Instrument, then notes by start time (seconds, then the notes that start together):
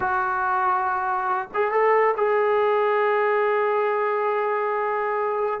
trombone
0.00 F#4
1.53 G#4
1.71 A4
2.16 G#4